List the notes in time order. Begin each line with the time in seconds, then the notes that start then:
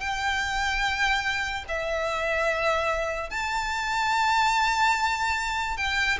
0.00 G5
1.68 E5
3.30 A5
5.77 G5